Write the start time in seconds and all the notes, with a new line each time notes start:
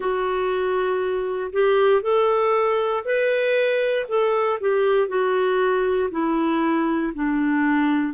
0.00 F#4
1.52 G4
2.02 A4
3.04 B4
4.08 A4
4.60 G4
5.08 F#4
6.11 E4
7.14 D4